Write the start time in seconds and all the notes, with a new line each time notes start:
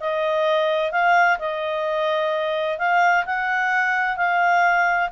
0.00 D#5
0.92 F5
1.39 D#5
2.78 F5
3.25 F#5
4.16 F5